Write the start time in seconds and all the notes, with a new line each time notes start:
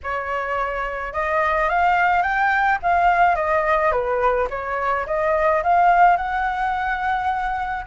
0.03 C#5
1.13 D#5
1.69 F5
2.22 G5
2.82 F5
3.35 D#5
3.91 B4
4.50 C#5
5.06 D#5
5.63 F5
6.17 F#5